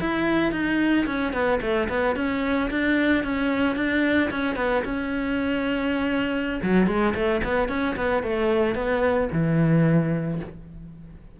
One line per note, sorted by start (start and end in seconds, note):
0.00 0.52 E4
0.52 1.06 D#4
1.06 1.33 C#4
1.33 1.60 B3
1.61 1.88 A3
1.89 2.15 B3
2.15 2.70 C#4
2.70 3.23 D4
3.23 3.76 C#4
3.76 4.30 D4
4.30 4.56 C#4
4.56 4.83 B3
4.85 6.60 C#4
6.62 6.86 F#3
6.86 7.14 G#3
7.14 7.41 A3
7.43 7.68 B3
7.68 7.95 C#4
7.96 8.23 B3
8.23 8.75 A3
8.75 9.29 B3
9.32 10.40 E3